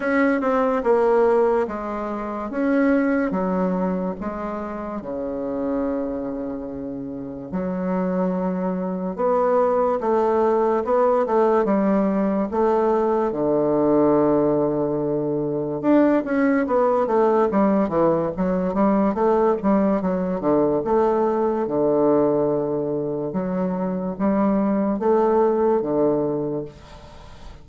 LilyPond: \new Staff \with { instrumentName = "bassoon" } { \time 4/4 \tempo 4 = 72 cis'8 c'8 ais4 gis4 cis'4 | fis4 gis4 cis2~ | cis4 fis2 b4 | a4 b8 a8 g4 a4 |
d2. d'8 cis'8 | b8 a8 g8 e8 fis8 g8 a8 g8 | fis8 d8 a4 d2 | fis4 g4 a4 d4 | }